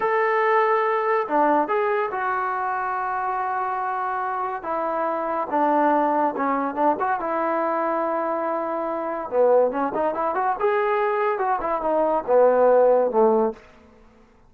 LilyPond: \new Staff \with { instrumentName = "trombone" } { \time 4/4 \tempo 4 = 142 a'2. d'4 | gis'4 fis'2.~ | fis'2. e'4~ | e'4 d'2 cis'4 |
d'8 fis'8 e'2.~ | e'2 b4 cis'8 dis'8 | e'8 fis'8 gis'2 fis'8 e'8 | dis'4 b2 a4 | }